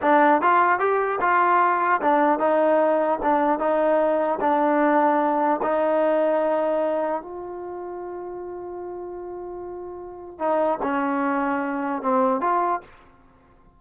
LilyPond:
\new Staff \with { instrumentName = "trombone" } { \time 4/4 \tempo 4 = 150 d'4 f'4 g'4 f'4~ | f'4 d'4 dis'2 | d'4 dis'2 d'4~ | d'2 dis'2~ |
dis'2 f'2~ | f'1~ | f'2 dis'4 cis'4~ | cis'2 c'4 f'4 | }